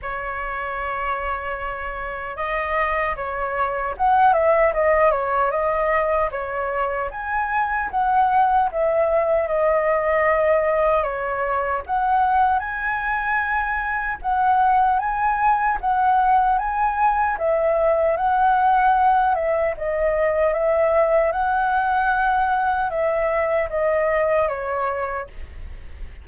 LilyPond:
\new Staff \with { instrumentName = "flute" } { \time 4/4 \tempo 4 = 76 cis''2. dis''4 | cis''4 fis''8 e''8 dis''8 cis''8 dis''4 | cis''4 gis''4 fis''4 e''4 | dis''2 cis''4 fis''4 |
gis''2 fis''4 gis''4 | fis''4 gis''4 e''4 fis''4~ | fis''8 e''8 dis''4 e''4 fis''4~ | fis''4 e''4 dis''4 cis''4 | }